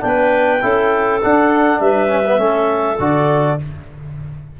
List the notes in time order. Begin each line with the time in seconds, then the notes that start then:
0.00 B3 D4 B4 G5
0.62 C#4 E4 A4
1.22 D4 F#5
1.80 G3 B4 E5
2.08 C#4
2.26 B3
2.38 A3 C#4 A4
2.99 D3 F#4 D5